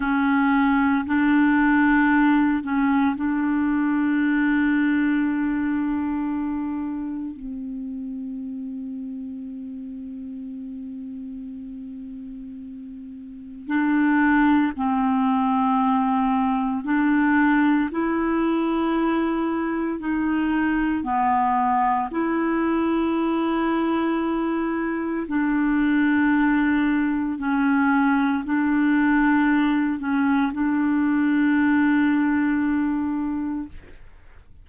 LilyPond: \new Staff \with { instrumentName = "clarinet" } { \time 4/4 \tempo 4 = 57 cis'4 d'4. cis'8 d'4~ | d'2. c'4~ | c'1~ | c'4 d'4 c'2 |
d'4 e'2 dis'4 | b4 e'2. | d'2 cis'4 d'4~ | d'8 cis'8 d'2. | }